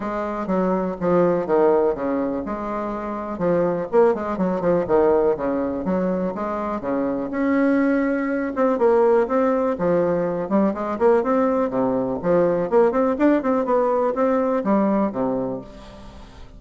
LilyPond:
\new Staff \with { instrumentName = "bassoon" } { \time 4/4 \tempo 4 = 123 gis4 fis4 f4 dis4 | cis4 gis2 f4 | ais8 gis8 fis8 f8 dis4 cis4 | fis4 gis4 cis4 cis'4~ |
cis'4. c'8 ais4 c'4 | f4. g8 gis8 ais8 c'4 | c4 f4 ais8 c'8 d'8 c'8 | b4 c'4 g4 c4 | }